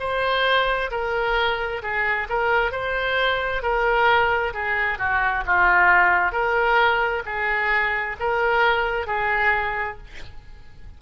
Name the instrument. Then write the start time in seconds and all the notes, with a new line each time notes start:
oboe
0.00 C5
0.91 A#4
1.83 G#4
2.30 A#4
2.72 C5
3.63 A#4
4.54 G#4
4.99 F#4
5.47 F4
6.32 A#4
7.26 G#4
8.20 A#4
9.07 G#4